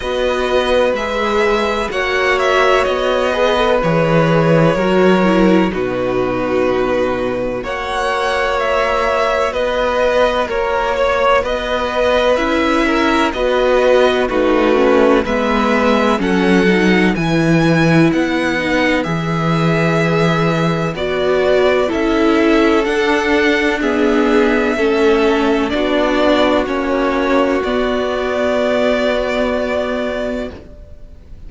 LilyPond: <<
  \new Staff \with { instrumentName = "violin" } { \time 4/4 \tempo 4 = 63 dis''4 e''4 fis''8 e''8 dis''4 | cis''2 b'2 | fis''4 e''4 dis''4 cis''4 | dis''4 e''4 dis''4 b'4 |
e''4 fis''4 gis''4 fis''4 | e''2 d''4 e''4 | fis''4 e''2 d''4 | cis''4 d''2. | }
  \new Staff \with { instrumentName = "violin" } { \time 4/4 b'2 cis''4. b'8~ | b'4 ais'4 fis'2 | cis''2 b'4 ais'8 cis''8 | b'4. ais'8 b'4 fis'4 |
b'4 a'4 b'2~ | b'2. a'4~ | a'4 gis'4 a'4 fis'4~ | fis'1 | }
  \new Staff \with { instrumentName = "viola" } { \time 4/4 fis'4 gis'4 fis'4. gis'16 a'16 | gis'4 fis'8 e'8 dis'2 | fis'1~ | fis'4 e'4 fis'4 dis'8 cis'8 |
b4 cis'8 dis'8 e'4. dis'8 | gis'2 fis'4 e'4 | d'4 b4 cis'4 d'4 | cis'4 b2. | }
  \new Staff \with { instrumentName = "cello" } { \time 4/4 b4 gis4 ais4 b4 | e4 fis4 b,2 | ais2 b4 ais4 | b4 cis'4 b4 a4 |
gis4 fis4 e4 b4 | e2 b4 cis'4 | d'2 a4 b4 | ais4 b2. | }
>>